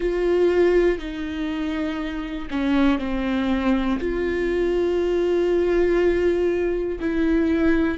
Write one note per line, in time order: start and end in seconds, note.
0.00 0.98 F4
0.98 2.48 D#4
2.50 2.98 C#4
2.98 3.98 C4
3.99 6.99 F4
7.00 7.98 E4